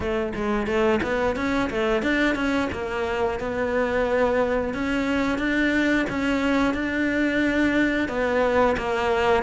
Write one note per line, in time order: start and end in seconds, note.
0.00 0.32 A3
0.35 0.66 G#3
0.66 1.00 A3
1.02 1.35 B3
1.35 1.69 C#4
1.69 2.02 A3
2.02 2.35 D4
2.35 2.68 C#4
2.72 3.39 A#3
3.39 4.74 B3
4.74 5.38 C#4
5.38 6.05 D4
6.09 6.74 C#4
6.74 8.08 D4
8.08 8.75 B3
8.77 9.43 A#3